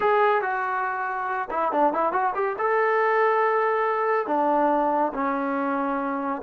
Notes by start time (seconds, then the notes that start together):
0.00 G#4
0.41 F#4
1.50 E4
1.71 D4
1.93 E4
2.12 F#4
2.35 G4
2.58 A4
4.26 D4
5.13 C#4